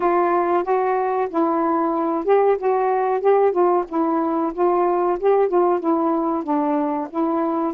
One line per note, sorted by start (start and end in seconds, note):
0.00 0.63 F4
0.63 1.28 F#4
1.29 2.24 E4
2.24 2.57 G4
2.57 3.20 F#4
3.20 3.52 G4
3.52 3.84 F4
3.88 4.52 E4
4.53 5.18 F4
5.19 5.48 G4
5.48 5.80 F4
5.80 6.43 E4
6.43 7.08 D4
7.09 7.73 E4